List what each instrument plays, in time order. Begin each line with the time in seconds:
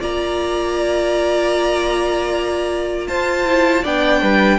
0.00 cello A#3, viola F4, violin D5 A#5
3.08 cello F4, violin C5 A5
3.46 viola E4
3.83 cello B3, viola D4, violin D5 G5
4.21 cello G3, violin B4